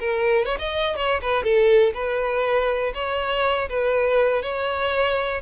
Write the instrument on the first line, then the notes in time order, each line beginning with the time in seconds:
violin
0.00 A#4
0.46 C#5
0.59 D#5
0.96 C#5
1.22 B4
1.44 A4
1.94 B4
2.95 C#5
3.69 B4
4.43 C#5